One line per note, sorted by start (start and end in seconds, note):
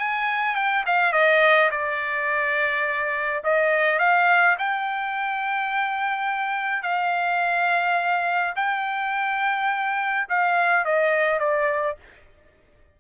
0.00 0.56 G#5
0.56 0.85 G5
0.87 1.13 F5
1.13 1.70 D#5
1.72 3.43 D5
3.44 4.00 D#5
4.00 4.57 F5
4.59 6.83 G5
6.83 8.55 F5
8.56 10.28 G5
10.30 10.85 F5
10.85 11.40 D#5
11.40 11.97 D5